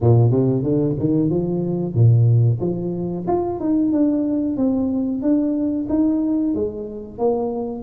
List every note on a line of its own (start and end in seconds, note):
0.00 0.31 A#2
0.31 0.63 C3
0.63 0.95 D3
0.99 1.30 D#3
1.30 1.94 F3
1.94 2.59 A#2
2.60 3.25 F3
3.27 3.60 F4
3.60 3.92 D#4
3.92 4.56 D4
4.56 5.21 C4
5.22 5.87 D4
5.89 6.54 D#4
6.54 7.18 G#3
7.18 7.83 A#3